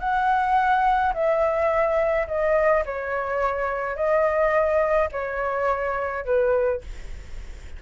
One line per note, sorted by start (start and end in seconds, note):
0.00 1.13 F#5
1.14 2.27 E5
2.27 2.84 D#5
2.86 3.96 C#5
3.96 5.09 D#5
5.12 6.25 C#5
6.25 6.82 B4